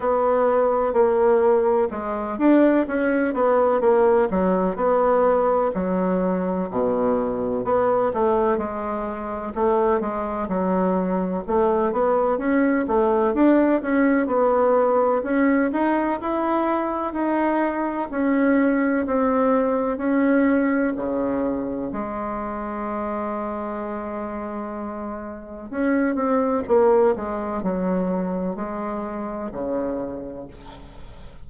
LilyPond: \new Staff \with { instrumentName = "bassoon" } { \time 4/4 \tempo 4 = 63 b4 ais4 gis8 d'8 cis'8 b8 | ais8 fis8 b4 fis4 b,4 | b8 a8 gis4 a8 gis8 fis4 | a8 b8 cis'8 a8 d'8 cis'8 b4 |
cis'8 dis'8 e'4 dis'4 cis'4 | c'4 cis'4 cis4 gis4~ | gis2. cis'8 c'8 | ais8 gis8 fis4 gis4 cis4 | }